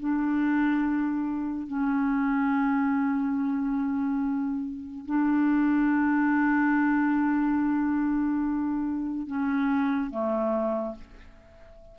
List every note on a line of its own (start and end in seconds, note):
0.00 1.67 D4
1.67 5.06 C#4
5.06 9.27 D4
9.27 10.11 C#4
10.11 10.95 A3